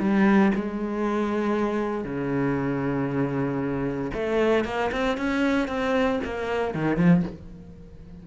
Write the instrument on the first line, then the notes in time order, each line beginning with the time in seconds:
cello
0.00 G3
0.55 G#3
2.04 C#3
4.14 A3
4.65 A#3
4.92 C4
5.18 C#4
5.68 C4
6.24 A#3
6.74 D#3
6.97 F3